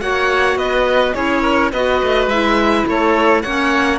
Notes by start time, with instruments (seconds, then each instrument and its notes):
0.00 cello A#3, clarinet F#4, oboe C#5, violin F#5
0.55 cello B3, oboe B4, violin D#5
1.14 cello C#4, clarinet E4, oboe G#4, violin C#5
1.42 oboe A#4
1.72 cello B3, clarinet F#4, oboe B4, violin D#5
2.02 cello A3
2.26 cello G#3, clarinet E4, violin E5
2.86 cello A3, oboe A4, violin C#5
3.42 cello A#3, clarinet C#4, oboe C#5, violin F#5